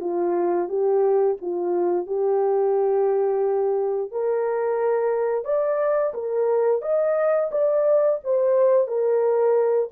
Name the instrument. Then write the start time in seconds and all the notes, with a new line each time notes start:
horn
0.00 F4
0.68 G4
1.41 F4
2.06 G4
4.11 A#4
5.45 D5
6.13 A#4
6.82 D#5
7.51 D5
8.23 C5
8.87 A#4